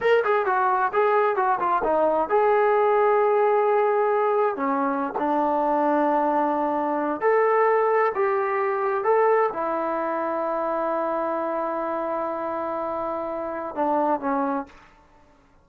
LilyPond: \new Staff \with { instrumentName = "trombone" } { \time 4/4 \tempo 4 = 131 ais'8 gis'8 fis'4 gis'4 fis'8 f'8 | dis'4 gis'2.~ | gis'2 cis'4~ cis'16 d'8.~ | d'2.~ d'8. a'16~ |
a'4.~ a'16 g'2 a'16~ | a'8. e'2.~ e'16~ | e'1~ | e'2 d'4 cis'4 | }